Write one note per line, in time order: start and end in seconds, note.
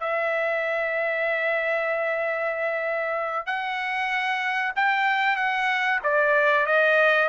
0.00 3.46 E5
3.46 4.73 F#5
4.76 5.36 G5
5.36 5.99 F#5
6.04 6.66 D5
6.66 7.29 D#5